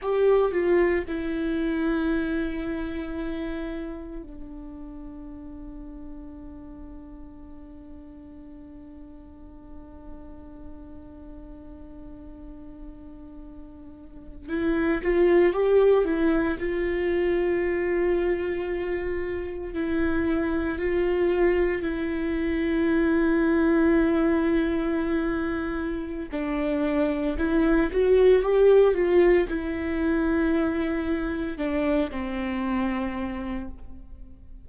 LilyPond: \new Staff \with { instrumentName = "viola" } { \time 4/4 \tempo 4 = 57 g'8 f'8 e'2. | d'1~ | d'1~ | d'4.~ d'16 e'8 f'8 g'8 e'8 f'16~ |
f'2~ f'8. e'4 f'16~ | f'8. e'2.~ e'16~ | e'4 d'4 e'8 fis'8 g'8 f'8 | e'2 d'8 c'4. | }